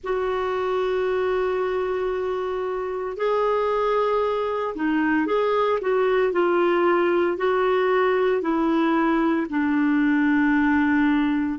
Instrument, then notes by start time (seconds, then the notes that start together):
clarinet
0.03 F#4
3.16 G#4
4.75 D#4
5.26 G#4
5.81 F#4
6.32 F4
7.37 F#4
8.41 E4
9.49 D4